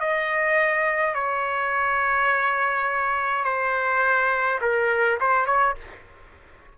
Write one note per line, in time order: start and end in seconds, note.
0.00 1.14 D#5
1.14 3.45 C#5
3.45 4.60 C5
4.62 5.19 A#4
5.20 5.47 C5
5.47 5.75 C#5